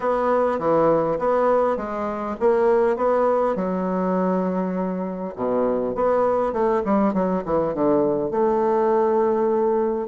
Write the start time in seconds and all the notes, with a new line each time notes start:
0.00 B3
0.59 E3
1.19 B3
1.76 G#3
2.40 A#3
2.96 B3
3.55 F#3
5.35 B2
5.95 B3
6.52 A3
6.85 G3
7.13 F#3
7.45 E3
7.74 D3
8.30 A3